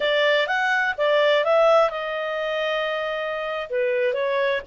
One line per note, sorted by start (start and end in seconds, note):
0.00 0.47 D5
0.47 0.95 F#5
0.97 1.44 D5
1.44 1.90 E5
1.90 3.68 D#5
3.69 4.13 B4
4.13 4.61 C#5